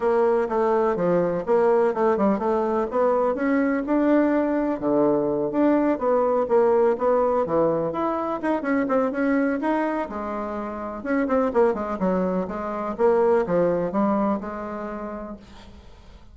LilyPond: \new Staff \with { instrumentName = "bassoon" } { \time 4/4 \tempo 4 = 125 ais4 a4 f4 ais4 | a8 g8 a4 b4 cis'4 | d'2 d4. d'8~ | d'8 b4 ais4 b4 e8~ |
e8 e'4 dis'8 cis'8 c'8 cis'4 | dis'4 gis2 cis'8 c'8 | ais8 gis8 fis4 gis4 ais4 | f4 g4 gis2 | }